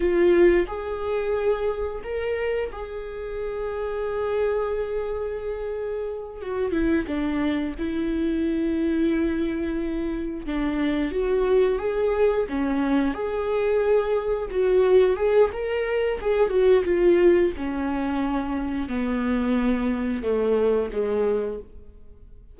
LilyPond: \new Staff \with { instrumentName = "viola" } { \time 4/4 \tempo 4 = 89 f'4 gis'2 ais'4 | gis'1~ | gis'4. fis'8 e'8 d'4 e'8~ | e'2.~ e'8 d'8~ |
d'8 fis'4 gis'4 cis'4 gis'8~ | gis'4. fis'4 gis'8 ais'4 | gis'8 fis'8 f'4 cis'2 | b2 a4 gis4 | }